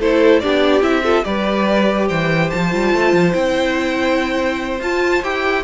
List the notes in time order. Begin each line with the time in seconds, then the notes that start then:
0.00 A3 E4 A4 C5
0.40 B3 D4 G4 D5
0.81 C4 E4 E5
1.03 F4 A4
1.24 G3 G4 B4 D5
2.08 E3 C5 G5
2.50 F3 A5
2.71 G3 F4
2.93 A3
3.13 F3
3.32 C4 E4 G5
4.80 F4 A5
5.23 E4 G4 G5